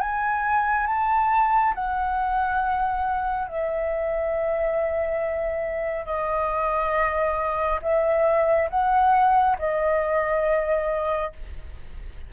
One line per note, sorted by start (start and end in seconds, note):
0.00 0.87 G#5
0.87 1.74 A5
1.75 3.48 F#5
3.48 6.06 E5
6.06 7.80 D#5
7.82 8.69 E5
8.70 9.57 F#5
9.58 11.32 D#5